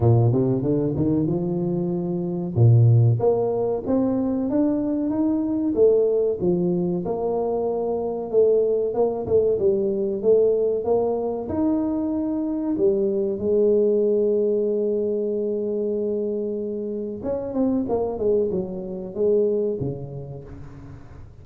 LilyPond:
\new Staff \with { instrumentName = "tuba" } { \time 4/4 \tempo 4 = 94 ais,8 c8 d8 dis8 f2 | ais,4 ais4 c'4 d'4 | dis'4 a4 f4 ais4~ | ais4 a4 ais8 a8 g4 |
a4 ais4 dis'2 | g4 gis2.~ | gis2. cis'8 c'8 | ais8 gis8 fis4 gis4 cis4 | }